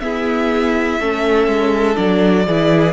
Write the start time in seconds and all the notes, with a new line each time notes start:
0.00 B3 E4 G#4 E5
1.01 A3 C#4 A4
1.47 G#3
1.95 F#3 D4 D5
2.47 E3 E4 G#4